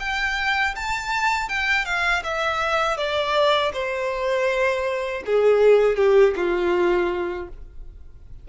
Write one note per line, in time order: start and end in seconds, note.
0.00 0.75 G5
0.76 1.49 A5
1.49 1.85 G5
1.85 2.23 F5
2.24 2.97 E5
2.97 3.72 D5
3.74 5.24 C5
5.26 5.97 G#4
5.97 6.34 G4
6.36 7.49 F4